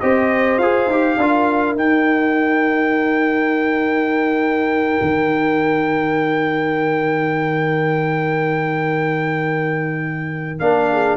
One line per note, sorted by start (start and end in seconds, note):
0.00 0.58 C4
0.00 0.61 G4
0.00 1.19 C5
0.00 0.58 D#5
0.58 0.86 F4
0.58 0.91 G#4
0.58 1.76 F5
0.86 1.16 D#4
0.86 1.19 G4
1.17 1.75 D4
1.17 1.77 F4
1.17 10.90 A#4
1.75 4.99 D#4
1.75 10.59 D#4
1.75 10.59 G5
5.01 10.60 D#3
10.59 11.17 A#3
10.59 11.17 D4
10.59 11.17 F5
10.92 11.17 G#4